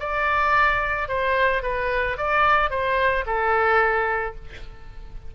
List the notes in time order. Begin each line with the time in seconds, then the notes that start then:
0.00 D5
1.08 C5
1.63 B4
2.17 D5
2.70 C5
3.26 A4